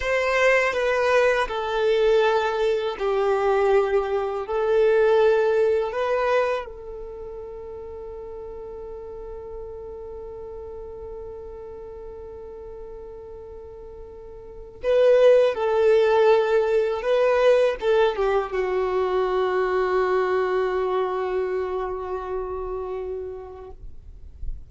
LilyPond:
\new Staff \with { instrumentName = "violin" } { \time 4/4 \tempo 4 = 81 c''4 b'4 a'2 | g'2 a'2 | b'4 a'2.~ | a'1~ |
a'1 | b'4 a'2 b'4 | a'8 g'8 fis'2.~ | fis'1 | }